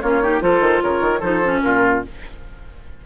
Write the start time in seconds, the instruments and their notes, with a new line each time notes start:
0.00 bassoon A#3, clarinet C#4, oboe F4, flute C#5
0.22 clarinet D#4, oboe G4
0.40 bassoon F3, clarinet F4, oboe A4, flute C5
0.60 bassoon D#3
0.82 bassoon C#3, oboe A#4, flute C#5
1.00 bassoon D#3
1.19 bassoon F3, clarinet D#4, oboe A4, flute C5
1.44 clarinet C#4
1.61 bassoon A#2, oboe F4, flute A#4